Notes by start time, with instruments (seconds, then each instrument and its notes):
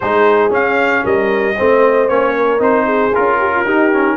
0.00 tuba G#3, trombone D#4, horn G#4, trumpet C5
0.50 trombone C#4, tuba C#4, trumpet F5
1.03 tuba G3, horn A#4, trumpet D#5
1.57 tuba A3, trombone C4, horn C5
2.08 tuba A#3, trombone C#4, trumpet C#5
2.35 horn A#4
2.58 tuba C4, trombone D#4, trumpet C5
2.85 horn G#4
3.14 tuba C#4, trombone F4, trumpet A#4
3.38 horn G4
3.55 horn F4
3.64 tuba D#4, trombone D#4, horn G4
3.92 trombone C#4